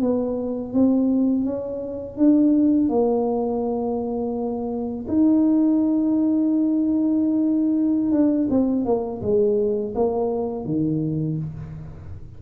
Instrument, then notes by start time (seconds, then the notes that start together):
tuba
0.00 B3
0.73 C4
1.44 C#4
2.17 D4
2.89 A#3
5.07 D#4
8.11 D4
8.49 C4
8.85 A#3
9.21 G#3
9.94 A#3
10.65 D#3